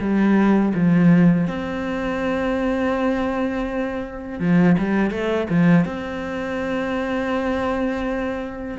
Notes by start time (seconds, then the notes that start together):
0.00 G3
0.75 F3
1.48 C4
4.40 F3
4.79 G3
5.11 A3
5.50 F3
5.86 C4